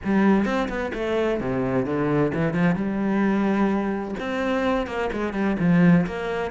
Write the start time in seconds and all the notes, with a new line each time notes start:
0.04 G3
0.45 C4
0.68 B3
0.93 A3
1.40 C3
1.85 D3
2.34 E3
2.53 F3
2.75 G3
4.19 C4
4.86 A#3
5.12 G#3
5.33 G3
5.59 F3
6.06 A#3